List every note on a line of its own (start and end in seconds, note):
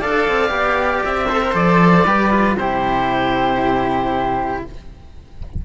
0.00 0.28 D4
0.00 0.49 A4
0.00 1.28 D5
0.00 1.04 F5
0.28 0.51 C4
0.49 1.02 B3
0.49 1.26 G4
1.05 1.54 C4
1.05 1.55 E5
1.29 1.42 A4
1.29 2.05 C5
1.42 1.53 A#4
1.53 2.05 F3
1.53 2.04 A4
1.53 2.57 D5
2.05 2.56 G3
2.05 2.31 G4
2.05 2.57 B4
2.31 2.56 F4
2.57 4.65 C3
2.57 4.65 E4
2.57 4.65 G4
2.57 4.62 C5